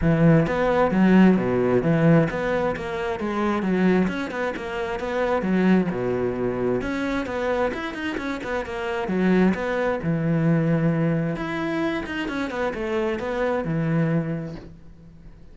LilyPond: \new Staff \with { instrumentName = "cello" } { \time 4/4 \tempo 4 = 132 e4 b4 fis4 b,4 | e4 b4 ais4 gis4 | fis4 cis'8 b8 ais4 b4 | fis4 b,2 cis'4 |
b4 e'8 dis'8 cis'8 b8 ais4 | fis4 b4 e2~ | e4 e'4. dis'8 cis'8 b8 | a4 b4 e2 | }